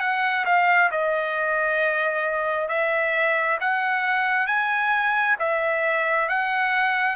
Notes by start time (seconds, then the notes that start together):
0.00 F#5
0.45 F5
0.91 D#5
2.68 E5
3.60 F#5
4.47 G#5
5.39 E5
6.28 F#5